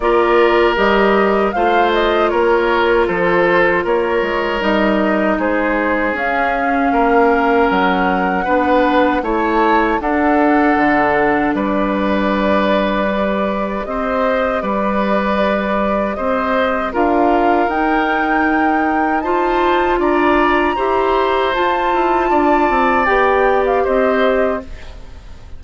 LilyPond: <<
  \new Staff \with { instrumentName = "flute" } { \time 4/4 \tempo 4 = 78 d''4 dis''4 f''8 dis''8 cis''4 | c''4 cis''4 dis''4 c''4 | f''2 fis''2 | a''4 fis''2 d''4~ |
d''2 dis''4 d''4~ | d''4 dis''4 f''4 g''4~ | g''4 a''4 ais''2 | a''2 g''8. f''16 dis''4 | }
  \new Staff \with { instrumentName = "oboe" } { \time 4/4 ais'2 c''4 ais'4 | a'4 ais'2 gis'4~ | gis'4 ais'2 b'4 | cis''4 a'2 b'4~ |
b'2 c''4 b'4~ | b'4 c''4 ais'2~ | ais'4 c''4 d''4 c''4~ | c''4 d''2 c''4 | }
  \new Staff \with { instrumentName = "clarinet" } { \time 4/4 f'4 g'4 f'2~ | f'2 dis'2 | cis'2. d'4 | e'4 d'2.~ |
d'4 g'2.~ | g'2 f'4 dis'4~ | dis'4 f'2 g'4 | f'2 g'2 | }
  \new Staff \with { instrumentName = "bassoon" } { \time 4/4 ais4 g4 a4 ais4 | f4 ais8 gis8 g4 gis4 | cis'4 ais4 fis4 b4 | a4 d'4 d4 g4~ |
g2 c'4 g4~ | g4 c'4 d'4 dis'4~ | dis'2 d'4 e'4 | f'8 e'8 d'8 c'8 b4 c'4 | }
>>